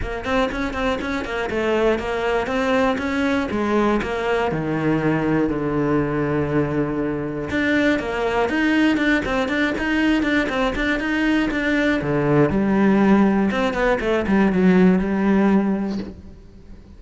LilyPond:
\new Staff \with { instrumentName = "cello" } { \time 4/4 \tempo 4 = 120 ais8 c'8 cis'8 c'8 cis'8 ais8 a4 | ais4 c'4 cis'4 gis4 | ais4 dis2 d4~ | d2. d'4 |
ais4 dis'4 d'8 c'8 d'8 dis'8~ | dis'8 d'8 c'8 d'8 dis'4 d'4 | d4 g2 c'8 b8 | a8 g8 fis4 g2 | }